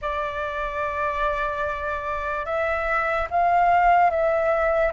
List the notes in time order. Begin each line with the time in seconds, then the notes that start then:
0.01 D5
2.45 E5
3.30 F5
4.10 E5